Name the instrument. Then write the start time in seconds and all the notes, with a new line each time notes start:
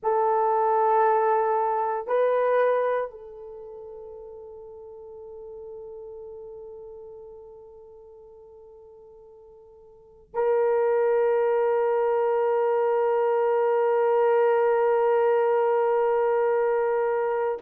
horn
0.03 A4
2.07 B4
3.10 A4
10.34 A#4